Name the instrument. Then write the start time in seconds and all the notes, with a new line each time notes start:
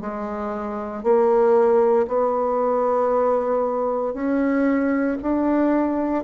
bassoon
0.00 G#3
1.03 A#3
2.07 B3
4.13 C#4
5.22 D4